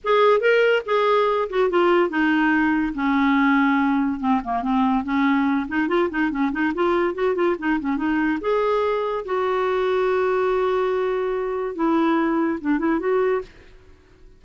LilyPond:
\new Staff \with { instrumentName = "clarinet" } { \time 4/4 \tempo 4 = 143 gis'4 ais'4 gis'4. fis'8 | f'4 dis'2 cis'4~ | cis'2 c'8 ais8 c'4 | cis'4. dis'8 f'8 dis'8 cis'8 dis'8 |
f'4 fis'8 f'8 dis'8 cis'8 dis'4 | gis'2 fis'2~ | fis'1 | e'2 d'8 e'8 fis'4 | }